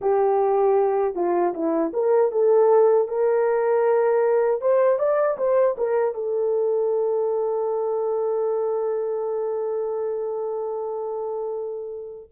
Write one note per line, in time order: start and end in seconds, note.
0.01 1.15 G4
1.15 1.53 F4
1.53 1.92 E4
1.93 2.31 A#4
2.31 3.08 A4
3.08 4.61 A#4
4.61 4.98 C5
4.98 5.37 D5
5.37 5.76 C5
5.77 6.14 A#4
6.14 12.29 A4